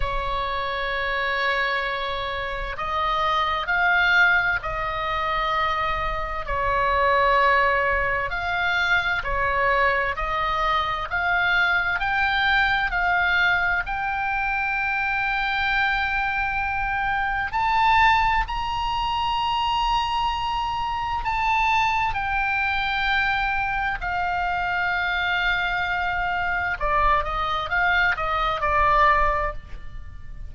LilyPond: \new Staff \with { instrumentName = "oboe" } { \time 4/4 \tempo 4 = 65 cis''2. dis''4 | f''4 dis''2 cis''4~ | cis''4 f''4 cis''4 dis''4 | f''4 g''4 f''4 g''4~ |
g''2. a''4 | ais''2. a''4 | g''2 f''2~ | f''4 d''8 dis''8 f''8 dis''8 d''4 | }